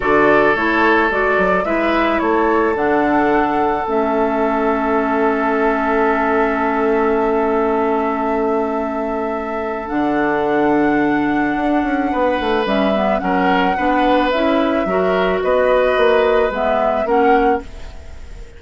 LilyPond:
<<
  \new Staff \with { instrumentName = "flute" } { \time 4/4 \tempo 4 = 109 d''4 cis''4 d''4 e''4 | cis''4 fis''2 e''4~ | e''1~ | e''1~ |
e''2 fis''2~ | fis''2. e''4 | fis''2 e''2 | dis''2 e''4 fis''4 | }
  \new Staff \with { instrumentName = "oboe" } { \time 4/4 a'2. b'4 | a'1~ | a'1~ | a'1~ |
a'1~ | a'2 b'2 | ais'4 b'2 ais'4 | b'2. ais'4 | }
  \new Staff \with { instrumentName = "clarinet" } { \time 4/4 fis'4 e'4 fis'4 e'4~ | e'4 d'2 cis'4~ | cis'1~ | cis'1~ |
cis'2 d'2~ | d'2. cis'8 b8 | cis'4 d'4 e'4 fis'4~ | fis'2 b4 cis'4 | }
  \new Staff \with { instrumentName = "bassoon" } { \time 4/4 d4 a4 gis8 fis8 gis4 | a4 d2 a4~ | a1~ | a1~ |
a2 d2~ | d4 d'8 cis'8 b8 a8 g4 | fis4 b4 cis'4 fis4 | b4 ais4 gis4 ais4 | }
>>